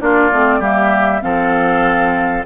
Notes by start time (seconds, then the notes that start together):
0.00 A#3 D4 F4 D5
0.32 A3 C4
0.59 G3 A#3 G4 E5
1.21 F3 C4 A4 F5